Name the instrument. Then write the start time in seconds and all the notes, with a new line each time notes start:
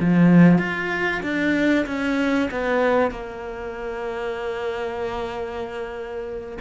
cello
0.00 F3
0.58 F4
1.22 D4
1.86 C#4
2.51 B3
3.11 A#3